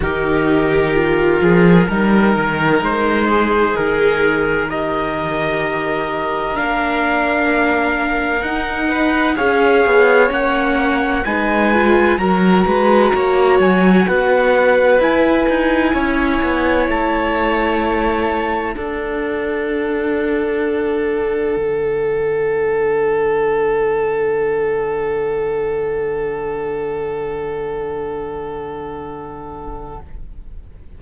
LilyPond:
<<
  \new Staff \with { instrumentName = "trumpet" } { \time 4/4 \tempo 4 = 64 ais'2. c''4 | ais'4 dis''2 f''4~ | f''4 fis''4 f''4 fis''4 | gis''4 ais''4. gis''8 fis''4 |
gis''2 a''2 | fis''1~ | fis''1~ | fis''1 | }
  \new Staff \with { instrumentName = "violin" } { \time 4/4 g'4. gis'8 ais'4. gis'8~ | gis'4 ais'2.~ | ais'4. b'8 cis''2 | b'4 ais'8 b'8 cis''4 b'4~ |
b'4 cis''2. | a'1~ | a'1~ | a'1 | }
  \new Staff \with { instrumentName = "viola" } { \time 4/4 dis'4 f'4 dis'2~ | dis'4 g'2 d'4~ | d'4 dis'4 gis'4 cis'4 | dis'8 f'8 fis'2. |
e'1 | d'1~ | d'1~ | d'1 | }
  \new Staff \with { instrumentName = "cello" } { \time 4/4 dis4. f8 g8 dis8 gis4 | dis2. ais4~ | ais4 dis'4 cis'8 b8 ais4 | gis4 fis8 gis8 ais8 fis8 b4 |
e'8 dis'8 cis'8 b8 a2 | d'2. d4~ | d1~ | d1 | }
>>